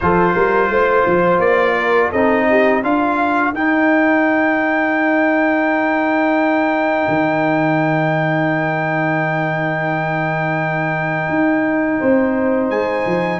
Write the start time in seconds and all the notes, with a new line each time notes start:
0.00 F3 F4 A4 C5
0.33 G3 A#4
0.69 A3 C5
1.06 F3
1.38 A#3 D5
1.77 A#4
2.10 C4 D#4 A4 D#5
2.50 G4
2.83 D4 F4 A#4 F5
3.53 D#4 G5
7.08 D#3
11.28 D#4
11.99 C4 C5
12.69 G#3 G#5
13.06 F3